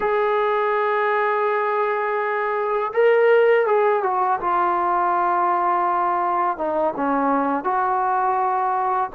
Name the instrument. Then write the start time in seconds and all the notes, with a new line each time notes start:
trombone
0.00 G#4
2.93 A#4
3.66 G#4
4.02 F#4
4.40 F4
6.57 D#4
6.96 C#4
7.63 F#4